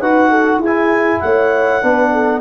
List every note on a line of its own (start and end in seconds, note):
0.00 0.58 D#4
0.00 0.63 F#4
0.00 0.30 B4
0.00 0.60 F#5
0.30 0.59 A4
0.58 1.18 E4
0.58 1.20 G#4
0.64 1.82 E4
0.64 1.20 G#5
1.20 1.83 A3
1.20 1.82 C#5
1.20 2.40 F#5
1.82 2.41 B3
1.82 2.41 D4
1.82 2.12 B4
2.12 2.41 A4